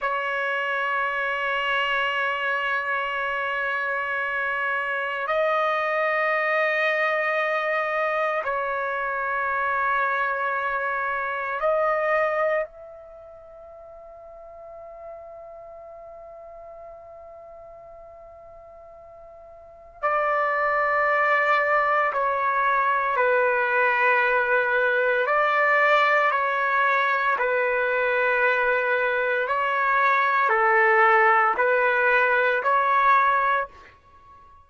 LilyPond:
\new Staff \with { instrumentName = "trumpet" } { \time 4/4 \tempo 4 = 57 cis''1~ | cis''4 dis''2. | cis''2. dis''4 | e''1~ |
e''2. d''4~ | d''4 cis''4 b'2 | d''4 cis''4 b'2 | cis''4 a'4 b'4 cis''4 | }